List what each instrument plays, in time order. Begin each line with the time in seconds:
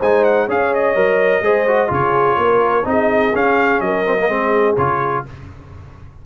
0.00 tuba G#3, trombone D#4, horn C5, trumpet G#5
0.24 trumpet F#5
0.47 tuba C#4, trombone G#4, horn C#5, trumpet F5
0.74 trumpet D#5
0.95 tuba F#3, trombone A#4
1.42 tuba G#3, trombone G#4, horn C5
1.67 trombone F#4
1.88 tuba C#3, trombone F4, horn G#4, trumpet C#5
2.37 tuba A#3, horn A#4
2.85 tuba C4, trombone D#4, horn G#4, trumpet D#5
3.34 trombone C#4, tuba C#4, trumpet F5
3.81 tuba F#3, horn A#4, trumpet D#5
4.05 trombone C4
4.18 trombone A#3
4.28 tuba G#3, trombone C4, horn G#4
4.77 tuba C#3, trombone F4, trumpet C#5